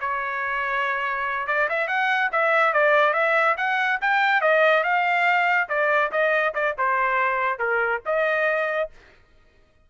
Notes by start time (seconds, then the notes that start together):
0.00 C#5
1.47 D5
1.69 E5
1.87 F#5
2.32 E5
2.73 D5
3.13 E5
3.57 F#5
4.01 G5
4.41 D#5
4.83 F5
5.69 D5
6.11 D#5
6.54 D5
6.78 C5
7.59 A#4
8.05 D#5